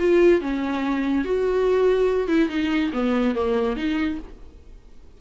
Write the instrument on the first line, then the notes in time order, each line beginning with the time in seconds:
viola
0.00 F4
0.41 C#4
1.25 F#4
2.29 E4
2.50 D#4
2.93 B3
3.35 A#3
3.77 D#4